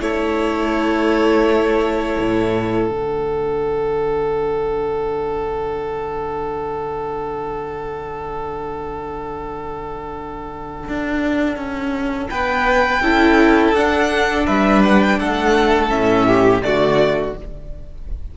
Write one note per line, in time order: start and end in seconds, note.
0.00 2.17 A3
0.00 2.89 E4
0.00 12.31 A4
0.00 2.88 C#5
2.20 2.91 A2
2.88 10.86 D3
2.88 13.01 D4
2.88 12.28 F#5
10.89 11.57 D4
11.57 12.29 C#4
12.30 13.02 B3
12.30 13.03 B4
12.30 13.74 G5
13.02 13.73 C#4
13.02 13.76 E4
13.02 14.47 A4
13.73 14.45 D4
13.73 15.90 D4
13.73 14.47 F#5
14.47 15.20 G3
14.47 15.19 B4
14.47 14.83 E5
14.84 15.02 F#5
15.02 15.20 G5
15.20 15.91 A3
15.20 16.27 A4
15.20 15.91 F#5
15.90 16.62 A2
15.90 16.62 C#4
15.90 16.63 E5
16.27 16.63 G4
16.62 17.34 D3
16.62 17.35 A3
16.62 17.37 F#4
16.62 17.35 D5